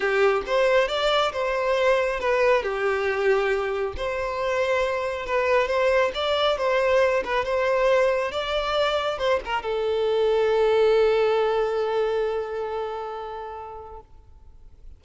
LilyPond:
\new Staff \with { instrumentName = "violin" } { \time 4/4 \tempo 4 = 137 g'4 c''4 d''4 c''4~ | c''4 b'4 g'2~ | g'4 c''2. | b'4 c''4 d''4 c''4~ |
c''8 b'8 c''2 d''4~ | d''4 c''8 ais'8 a'2~ | a'1~ | a'1 | }